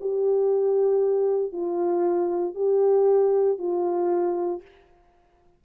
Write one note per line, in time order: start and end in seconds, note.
0.00 1.52 G4
1.52 2.54 F4
2.54 3.58 G4
3.58 4.61 F4